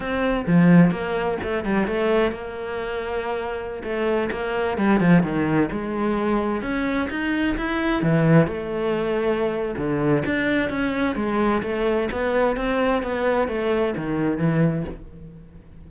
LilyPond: \new Staff \with { instrumentName = "cello" } { \time 4/4 \tempo 4 = 129 c'4 f4 ais4 a8 g8 | a4 ais2.~ | ais16 a4 ais4 g8 f8 dis8.~ | dis16 gis2 cis'4 dis'8.~ |
dis'16 e'4 e4 a4.~ a16~ | a4 d4 d'4 cis'4 | gis4 a4 b4 c'4 | b4 a4 dis4 e4 | }